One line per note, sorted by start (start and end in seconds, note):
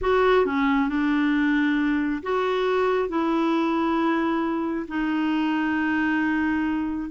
0.01 0.45 F#4
0.45 0.88 C#4
0.88 2.22 D4
2.22 3.08 F#4
3.08 4.86 E4
4.87 7.10 D#4